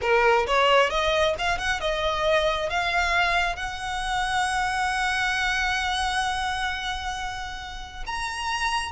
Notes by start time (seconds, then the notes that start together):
0.01 A#4
0.47 C#5
0.90 D#5
1.38 F5
1.58 F#5
1.80 D#5
2.69 F5
3.56 F#5
8.06 A#5